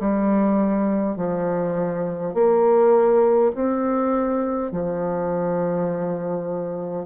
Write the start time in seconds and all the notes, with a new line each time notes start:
0.00 G3
1.17 F3
2.34 A#3
3.55 C4
4.72 F3